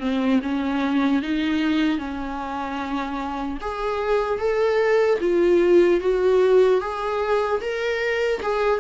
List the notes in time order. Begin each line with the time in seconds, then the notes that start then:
0.00 C4
0.42 C#4
1.22 D#4
1.98 C#4
3.61 G#4
4.39 A4
5.21 F4
6.01 F#4
6.80 G#4
7.61 A#4
8.42 G#4